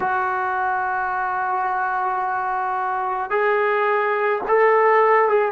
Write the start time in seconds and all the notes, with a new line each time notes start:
0.00 F#4
3.30 G#4
4.47 A4
5.28 G#4